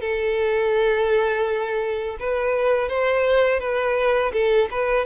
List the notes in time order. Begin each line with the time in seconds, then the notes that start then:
0.00 A4
2.19 B4
2.88 C5
3.59 B4
4.32 A4
4.71 B4